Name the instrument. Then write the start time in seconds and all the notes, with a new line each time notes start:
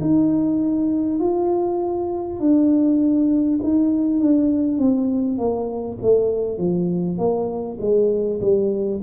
tuba
0.00 D#4
1.19 F4
2.39 D4
3.62 D#4
4.20 D4
4.77 C4
5.37 A#3
6.02 A3
6.57 F3
7.18 A#3
7.80 G#3
8.41 G3